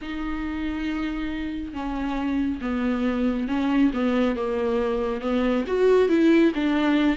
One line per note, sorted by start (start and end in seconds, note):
0.01 1.73 D#4
1.73 2.60 C#4
2.61 3.48 B3
3.48 3.91 C#4
3.93 4.36 B3
4.36 5.21 A#3
5.21 5.64 B3
5.66 6.08 F#4
6.08 6.52 E4
6.54 7.17 D4